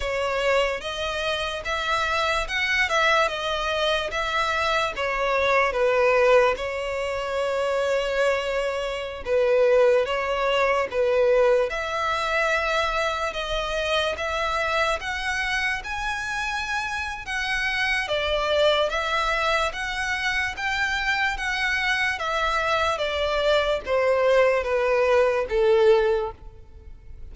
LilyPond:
\new Staff \with { instrumentName = "violin" } { \time 4/4 \tempo 4 = 73 cis''4 dis''4 e''4 fis''8 e''8 | dis''4 e''4 cis''4 b'4 | cis''2.~ cis''16 b'8.~ | b'16 cis''4 b'4 e''4.~ e''16~ |
e''16 dis''4 e''4 fis''4 gis''8.~ | gis''4 fis''4 d''4 e''4 | fis''4 g''4 fis''4 e''4 | d''4 c''4 b'4 a'4 | }